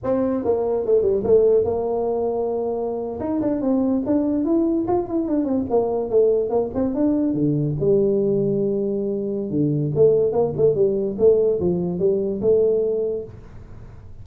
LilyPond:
\new Staff \with { instrumentName = "tuba" } { \time 4/4 \tempo 4 = 145 c'4 ais4 a8 g8 a4 | ais2.~ ais8. dis'16~ | dis'16 d'8 c'4 d'4 e'4 f'16~ | f'16 e'8 d'8 c'8 ais4 a4 ais16~ |
ais16 c'8 d'4 d4 g4~ g16~ | g2. d4 | a4 ais8 a8 g4 a4 | f4 g4 a2 | }